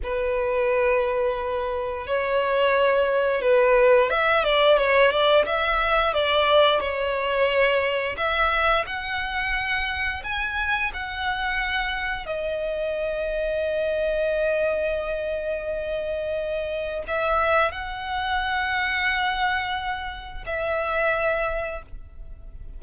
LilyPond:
\new Staff \with { instrumentName = "violin" } { \time 4/4 \tempo 4 = 88 b'2. cis''4~ | cis''4 b'4 e''8 d''8 cis''8 d''8 | e''4 d''4 cis''2 | e''4 fis''2 gis''4 |
fis''2 dis''2~ | dis''1~ | dis''4 e''4 fis''2~ | fis''2 e''2 | }